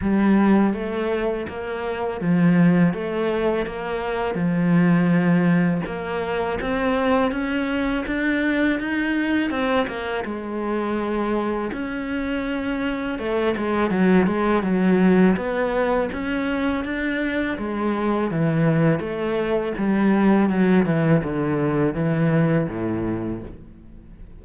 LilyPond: \new Staff \with { instrumentName = "cello" } { \time 4/4 \tempo 4 = 82 g4 a4 ais4 f4 | a4 ais4 f2 | ais4 c'4 cis'4 d'4 | dis'4 c'8 ais8 gis2 |
cis'2 a8 gis8 fis8 gis8 | fis4 b4 cis'4 d'4 | gis4 e4 a4 g4 | fis8 e8 d4 e4 a,4 | }